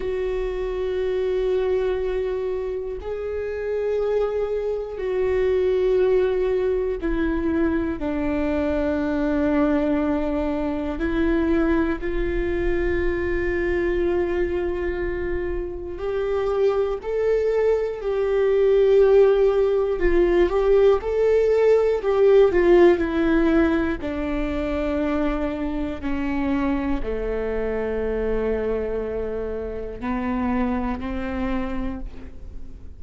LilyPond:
\new Staff \with { instrumentName = "viola" } { \time 4/4 \tempo 4 = 60 fis'2. gis'4~ | gis'4 fis'2 e'4 | d'2. e'4 | f'1 |
g'4 a'4 g'2 | f'8 g'8 a'4 g'8 f'8 e'4 | d'2 cis'4 a4~ | a2 b4 c'4 | }